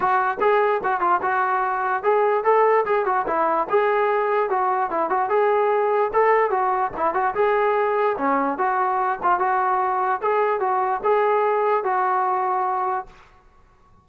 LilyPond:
\new Staff \with { instrumentName = "trombone" } { \time 4/4 \tempo 4 = 147 fis'4 gis'4 fis'8 f'8 fis'4~ | fis'4 gis'4 a'4 gis'8 fis'8 | e'4 gis'2 fis'4 | e'8 fis'8 gis'2 a'4 |
fis'4 e'8 fis'8 gis'2 | cis'4 fis'4. f'8 fis'4~ | fis'4 gis'4 fis'4 gis'4~ | gis'4 fis'2. | }